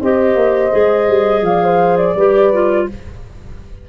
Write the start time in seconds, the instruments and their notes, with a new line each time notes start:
0.00 tuba C4, clarinet G4, horn C5, flute D#5
0.35 tuba A#3
0.72 tuba G#3, clarinet G#4
1.08 tuba G3
1.42 tuba F3, horn D5, flute F5
1.64 horn C5
1.97 flute D5
2.16 tuba G3, clarinet G4, horn B4
2.53 clarinet F4